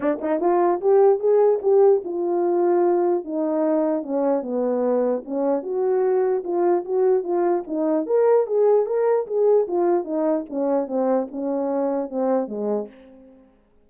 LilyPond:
\new Staff \with { instrumentName = "horn" } { \time 4/4 \tempo 4 = 149 d'8 dis'8 f'4 g'4 gis'4 | g'4 f'2. | dis'2 cis'4 b4~ | b4 cis'4 fis'2 |
f'4 fis'4 f'4 dis'4 | ais'4 gis'4 ais'4 gis'4 | f'4 dis'4 cis'4 c'4 | cis'2 c'4 gis4 | }